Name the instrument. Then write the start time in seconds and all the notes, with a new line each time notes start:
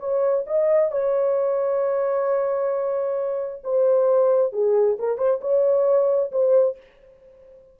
horn
0.00 C#5
0.47 D#5
0.92 C#5
3.64 C5
4.53 G#4
5.00 A#4
5.18 C5
5.42 C#5
6.32 C5